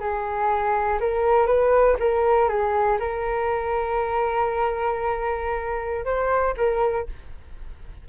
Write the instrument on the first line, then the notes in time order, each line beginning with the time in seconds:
flute
0.00 G#4
1.01 A#4
1.47 B4
1.99 A#4
2.49 G#4
3.00 A#4
6.05 C5
6.57 A#4